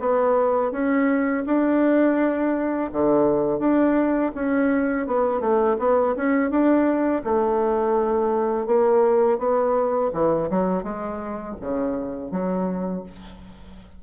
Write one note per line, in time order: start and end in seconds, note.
0.00 0.72 B3
0.72 1.44 C#4
1.46 2.91 D4
2.93 3.59 D3
3.59 4.32 D4
4.35 5.07 C#4
5.07 5.41 B3
5.41 5.77 A3
5.79 6.15 B3
6.16 6.51 C#4
6.51 7.23 D4
7.24 8.66 A3
8.66 9.39 A#3
9.39 10.11 B3
10.14 10.50 E3
10.50 10.83 F#3
10.83 11.56 G#3
11.61 12.31 C#3
12.31 13.04 F#3